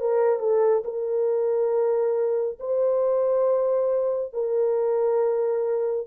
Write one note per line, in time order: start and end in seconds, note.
0.00 0.39 A#4
0.39 0.83 A4
0.85 2.58 A#4
2.60 4.33 C5
4.33 6.07 A#4